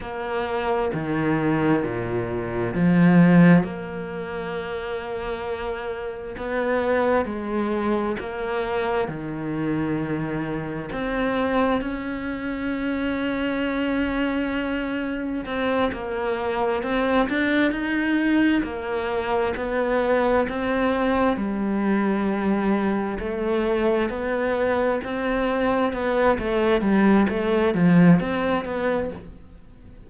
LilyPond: \new Staff \with { instrumentName = "cello" } { \time 4/4 \tempo 4 = 66 ais4 dis4 ais,4 f4 | ais2. b4 | gis4 ais4 dis2 | c'4 cis'2.~ |
cis'4 c'8 ais4 c'8 d'8 dis'8~ | dis'8 ais4 b4 c'4 g8~ | g4. a4 b4 c'8~ | c'8 b8 a8 g8 a8 f8 c'8 b8 | }